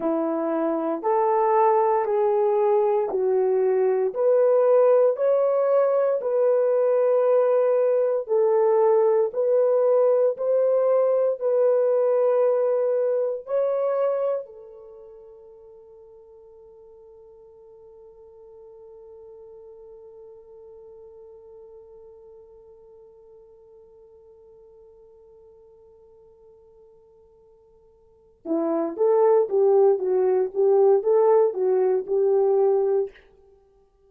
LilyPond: \new Staff \with { instrumentName = "horn" } { \time 4/4 \tempo 4 = 58 e'4 a'4 gis'4 fis'4 | b'4 cis''4 b'2 | a'4 b'4 c''4 b'4~ | b'4 cis''4 a'2~ |
a'1~ | a'1~ | a'2.~ a'8 e'8 | a'8 g'8 fis'8 g'8 a'8 fis'8 g'4 | }